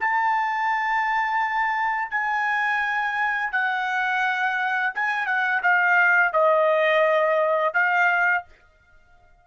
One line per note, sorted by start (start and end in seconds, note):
0.00 2.11 A5
2.11 3.52 G#5
3.52 4.93 F#5
4.95 5.26 G#5
5.26 5.61 F#5
5.62 6.33 F5
6.33 7.74 D#5
7.74 8.44 F5